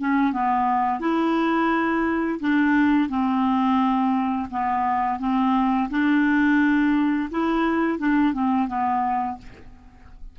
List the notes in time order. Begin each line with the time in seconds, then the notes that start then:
0.00 C#4
0.33 B3
1.00 E4
2.40 D4
3.09 C4
4.51 B3
5.20 C4
5.90 D4
7.31 E4
7.99 D4
8.34 C4
8.68 B3